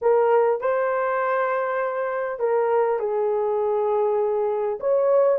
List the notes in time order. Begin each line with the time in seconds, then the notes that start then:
0.01 A#4
0.61 C5
2.39 A#4
2.99 G#4
4.79 C#5